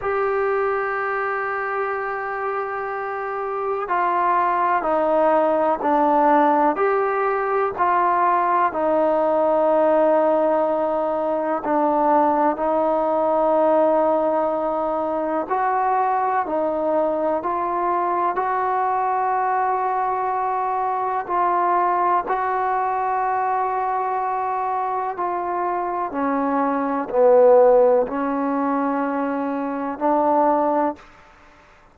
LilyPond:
\new Staff \with { instrumentName = "trombone" } { \time 4/4 \tempo 4 = 62 g'1 | f'4 dis'4 d'4 g'4 | f'4 dis'2. | d'4 dis'2. |
fis'4 dis'4 f'4 fis'4~ | fis'2 f'4 fis'4~ | fis'2 f'4 cis'4 | b4 cis'2 d'4 | }